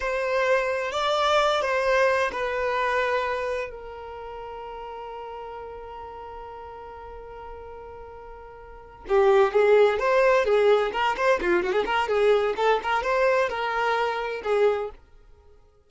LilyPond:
\new Staff \with { instrumentName = "violin" } { \time 4/4 \tempo 4 = 129 c''2 d''4. c''8~ | c''4 b'2. | ais'1~ | ais'1~ |
ais'2.~ ais'8 g'8~ | g'8 gis'4 c''4 gis'4 ais'8 | c''8 f'8 fis'16 gis'16 ais'8 gis'4 a'8 ais'8 | c''4 ais'2 gis'4 | }